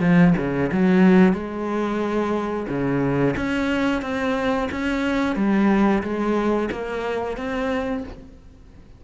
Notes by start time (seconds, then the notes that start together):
0.00 F3
0.37 C#3
0.72 F#3
1.33 G#3
2.68 C#3
3.36 C#4
4.02 C4
4.71 C#4
5.36 G3
6.02 G#3
6.71 A#3
7.37 C4